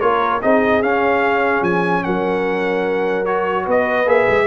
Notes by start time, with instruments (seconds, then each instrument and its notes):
0.00 tuba A#3, trombone F4, horn A#4, trumpet C#5
0.41 tuba C4, trombone D#4, horn G#4, trumpet D#5
0.81 tuba C#4, trombone C#4, trumpet F5
1.61 tuba F3, trumpet G#5
2.03 tuba F#3, horn A#4, trumpet F#5
3.25 trombone F#4, trumpet C#5
3.65 tuba B3, horn B4, trumpet D#5
4.05 tuba A#3, trombone G#4, trumpet E5
4.28 tuba G#3